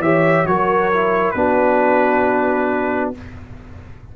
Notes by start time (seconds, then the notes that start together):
0.00 E3 G4 C#5 E5
0.45 F#3 F#4 A#4 C#5
0.93 E4
1.32 B3 D4 F#4 B4